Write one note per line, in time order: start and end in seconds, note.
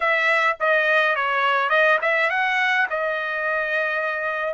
0.00 0.56 E5
0.60 1.15 D#5
1.15 1.69 C#5
1.69 1.98 D#5
2.01 2.29 E5
2.29 2.86 F#5
2.90 4.54 D#5